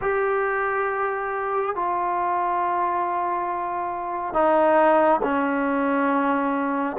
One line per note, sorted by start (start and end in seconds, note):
0.01 1.75 G4
1.75 4.33 F4
4.33 5.20 D#4
5.23 6.96 C#4